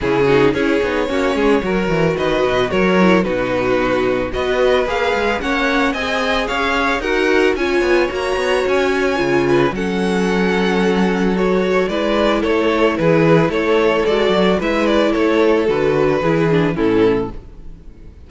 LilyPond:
<<
  \new Staff \with { instrumentName = "violin" } { \time 4/4 \tempo 4 = 111 gis'4 cis''2. | dis''4 cis''4 b'2 | dis''4 f''4 fis''4 gis''4 | f''4 fis''4 gis''4 ais''4 |
gis''2 fis''2~ | fis''4 cis''4 d''4 cis''4 | b'4 cis''4 d''4 e''8 d''8 | cis''4 b'2 a'4 | }
  \new Staff \with { instrumentName = "violin" } { \time 4/4 e'8 fis'8 gis'4 fis'8 gis'8 ais'4 | b'4 ais'4 fis'2 | b'2 cis''4 dis''4 | cis''4 ais'4 cis''2~ |
cis''4. b'8 a'2~ | a'2 b'4 a'4 | gis'4 a'2 b'4 | a'2 gis'4 e'4 | }
  \new Staff \with { instrumentName = "viola" } { \time 4/4 cis'8 dis'8 e'8 dis'8 cis'4 fis'4~ | fis'4. e'8 dis'2 | fis'4 gis'4 cis'4 gis'4~ | gis'4 fis'4 f'4 fis'4~ |
fis'4 f'4 cis'2~ | cis'4 fis'4 e'2~ | e'2 fis'4 e'4~ | e'4 fis'4 e'8 d'8 cis'4 | }
  \new Staff \with { instrumentName = "cello" } { \time 4/4 cis4 cis'8 b8 ais8 gis8 fis8 e8 | dis8 b,8 fis4 b,2 | b4 ais8 gis8 ais4 c'4 | cis'4 dis'4 cis'8 b8 ais8 b8 |
cis'4 cis4 fis2~ | fis2 gis4 a4 | e4 a4 gis8 fis8 gis4 | a4 d4 e4 a,4 | }
>>